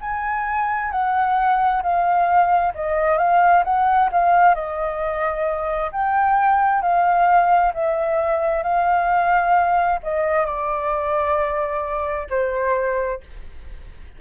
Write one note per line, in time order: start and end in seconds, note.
0.00 0.91 G#5
0.91 1.82 F#5
1.82 2.73 F5
2.74 3.18 D#5
3.18 3.63 F5
3.64 4.10 F#5
4.12 4.55 F5
4.55 5.91 D#5
5.92 6.81 G5
6.81 7.72 F5
7.74 8.63 E5
8.63 9.99 F5
10.03 10.45 D#5
10.45 12.27 D5
12.29 13.20 C5